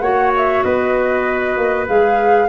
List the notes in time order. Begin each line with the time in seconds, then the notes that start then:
0.00 A#3 F#4 C#5 F#5
0.36 E5
0.62 B3 B4 D#5
1.57 A#3
1.86 G#3 G#4 F5